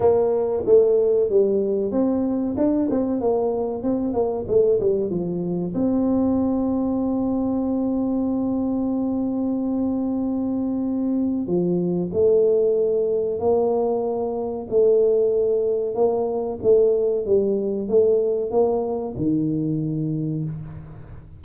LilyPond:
\new Staff \with { instrumentName = "tuba" } { \time 4/4 \tempo 4 = 94 ais4 a4 g4 c'4 | d'8 c'8 ais4 c'8 ais8 a8 g8 | f4 c'2.~ | c'1~ |
c'2 f4 a4~ | a4 ais2 a4~ | a4 ais4 a4 g4 | a4 ais4 dis2 | }